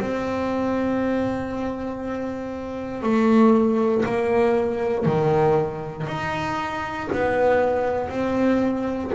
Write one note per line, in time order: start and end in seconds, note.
0.00 3.03 C4
3.03 4.04 A3
4.05 5.06 A#3
5.06 6.07 D#3
6.07 7.09 D#4
7.13 8.10 B3
8.10 9.12 C4